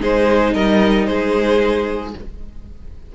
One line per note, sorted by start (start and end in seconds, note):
0.00 0.54 G#3
0.00 2.12 D#4
0.00 0.53 G#4
0.00 0.54 C5
0.53 1.07 G3
0.53 1.07 A#4
0.53 1.06 D#5
1.06 2.13 G#3
1.06 2.15 G#4
1.06 2.12 C5